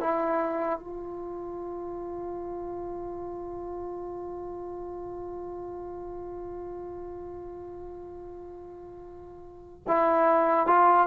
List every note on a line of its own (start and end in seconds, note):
0.00 0.79 E4
0.79 9.83 F4
9.87 10.67 E4
10.67 11.07 F4